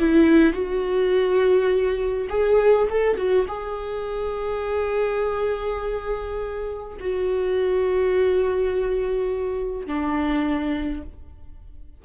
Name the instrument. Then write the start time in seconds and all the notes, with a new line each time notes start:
viola
0.00 E4
0.53 F#4
2.30 G#4
2.90 A4
3.17 F#4
3.48 G#4
7.00 F#4
9.87 D4